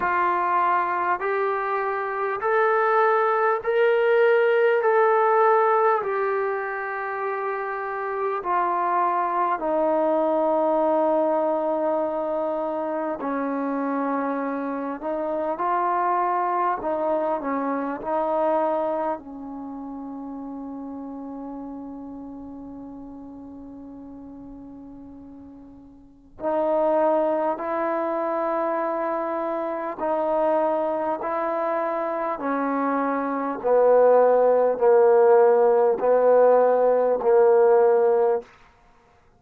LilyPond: \new Staff \with { instrumentName = "trombone" } { \time 4/4 \tempo 4 = 50 f'4 g'4 a'4 ais'4 | a'4 g'2 f'4 | dis'2. cis'4~ | cis'8 dis'8 f'4 dis'8 cis'8 dis'4 |
cis'1~ | cis'2 dis'4 e'4~ | e'4 dis'4 e'4 cis'4 | b4 ais4 b4 ais4 | }